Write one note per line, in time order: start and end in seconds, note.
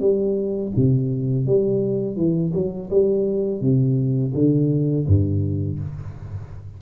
0.00 0.72 G3
0.76 1.46 C3
1.46 2.16 G3
2.16 2.52 E3
2.53 2.89 F#3
2.90 3.61 G3
3.61 4.33 C3
4.34 5.06 D3
5.07 5.79 G2